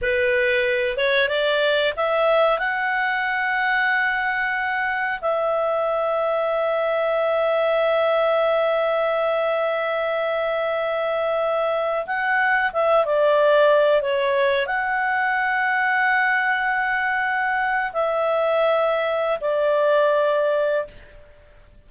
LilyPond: \new Staff \with { instrumentName = "clarinet" } { \time 4/4 \tempo 4 = 92 b'4. cis''8 d''4 e''4 | fis''1 | e''1~ | e''1~ |
e''2~ e''8 fis''4 e''8 | d''4. cis''4 fis''4.~ | fis''2.~ fis''8 e''8~ | e''4.~ e''16 d''2~ d''16 | }